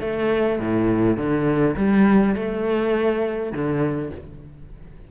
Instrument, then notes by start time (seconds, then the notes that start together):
cello
0.00 A3
0.59 A2
1.17 D3
1.76 G3
2.35 A3
3.52 D3